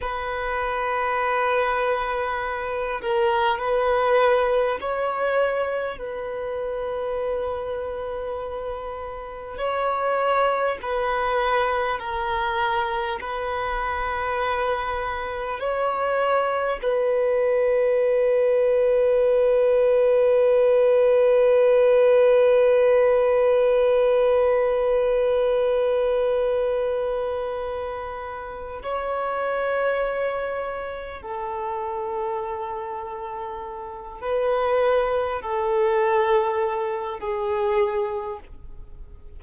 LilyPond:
\new Staff \with { instrumentName = "violin" } { \time 4/4 \tempo 4 = 50 b'2~ b'8 ais'8 b'4 | cis''4 b'2. | cis''4 b'4 ais'4 b'4~ | b'4 cis''4 b'2~ |
b'1~ | b'1 | cis''2 a'2~ | a'8 b'4 a'4. gis'4 | }